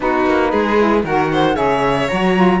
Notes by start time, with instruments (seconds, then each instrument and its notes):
0.00 cello B3, saxophone D#4, violin F#4, flute B4
0.26 cello A#3
0.51 cello G#3, violin G#4
0.78 saxophone E4
1.04 cello D#3, saxophone F#4, violin A#4, flute F#5
1.31 violin C5
1.54 cello C#3, saxophone G#4, violin C#5, flute E5
2.08 cello F#3, saxophone F#4, flute A#5
2.35 saxophone F4